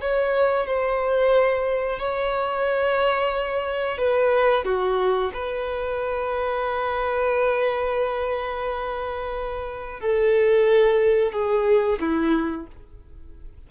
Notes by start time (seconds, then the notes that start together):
0.00 C#5
0.66 C5
1.99 C#5
3.98 B4
4.64 F#4
5.33 B4
10.00 A4
11.32 G#4
12.00 E4